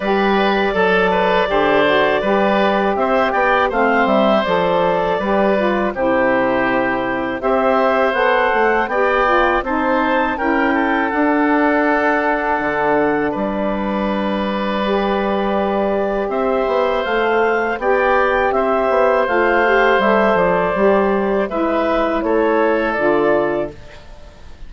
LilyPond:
<<
  \new Staff \with { instrumentName = "clarinet" } { \time 4/4 \tempo 4 = 81 d''1 | e''8 g''8 f''8 e''8 d''2 | c''2 e''4 fis''4 | g''4 a''4 g''4 fis''4~ |
fis''2 d''2~ | d''2 e''4 f''4 | g''4 e''4 f''4 e''8 d''8~ | d''4 e''4 cis''4 d''4 | }
  \new Staff \with { instrumentName = "oboe" } { \time 4/4 b'4 a'8 b'8 c''4 b'4 | c''8 d''8 c''2 b'4 | g'2 c''2 | d''4 c''4 ais'8 a'4.~ |
a'2 b'2~ | b'2 c''2 | d''4 c''2.~ | c''4 b'4 a'2 | }
  \new Staff \with { instrumentName = "saxophone" } { \time 4/4 g'4 a'4 g'8 fis'8 g'4~ | g'4 c'4 a'4 g'8 f'8 | e'2 g'4 a'4 | g'8 f'8 dis'4 e'4 d'4~ |
d'1 | g'2. a'4 | g'2 f'8 g'8 a'4 | g'4 e'2 f'4 | }
  \new Staff \with { instrumentName = "bassoon" } { \time 4/4 g4 fis4 d4 g4 | c'8 b8 a8 g8 f4 g4 | c2 c'4 b8 a8 | b4 c'4 cis'4 d'4~ |
d'4 d4 g2~ | g2 c'8 b8 a4 | b4 c'8 b8 a4 g8 f8 | g4 gis4 a4 d4 | }
>>